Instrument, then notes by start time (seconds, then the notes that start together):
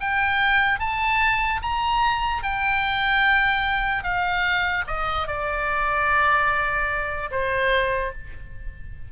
oboe
0.00 G5
0.79 A5
1.62 A#5
2.43 G5
4.03 F5
4.86 D#5
5.27 D5
7.31 C5